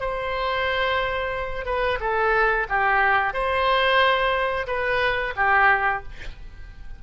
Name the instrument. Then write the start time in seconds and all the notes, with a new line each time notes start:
oboe
0.00 C5
1.65 B4
2.00 A4
2.69 G4
3.33 C5
4.67 B4
5.36 G4